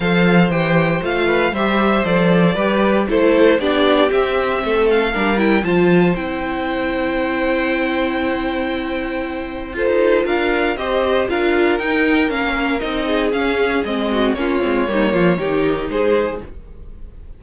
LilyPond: <<
  \new Staff \with { instrumentName = "violin" } { \time 4/4 \tempo 4 = 117 f''4 g''4 f''4 e''4 | d''2 c''4 d''4 | e''4. f''4 g''8 a''4 | g''1~ |
g''2. c''4 | f''4 dis''4 f''4 g''4 | f''4 dis''4 f''4 dis''4 | cis''2. c''4 | }
  \new Staff \with { instrumentName = "violin" } { \time 4/4 c''2~ c''8 b'8 c''4~ | c''4 b'4 a'4 g'4~ | g'4 a'4 ais'4 c''4~ | c''1~ |
c''2. a'4 | ais'4 c''4 ais'2~ | ais'4. gis'2 fis'8 | f'4 dis'8 f'8 g'4 gis'4 | }
  \new Staff \with { instrumentName = "viola" } { \time 4/4 a'4 g'4 f'4 g'4 | a'4 g'4 e'4 d'4 | c'2 d'8 e'8 f'4 | e'1~ |
e'2. f'4~ | f'4 g'4 f'4 dis'4 | cis'4 dis'4 cis'4 c'4 | cis'8 c'8 ais4 dis'2 | }
  \new Staff \with { instrumentName = "cello" } { \time 4/4 f4 e4 a4 g4 | f4 g4 a4 b4 | c'4 a4 g4 f4 | c'1~ |
c'2. f'16 dis'8. | d'4 c'4 d'4 dis'4 | ais4 c'4 cis'4 gis4 | ais8 gis8 g8 f8 dis4 gis4 | }
>>